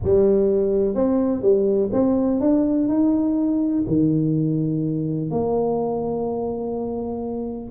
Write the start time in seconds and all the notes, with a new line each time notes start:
0.03 G3
0.94 C4
1.42 G3
1.92 C4
2.40 D4
2.88 D#4
3.87 D#3
5.30 A#3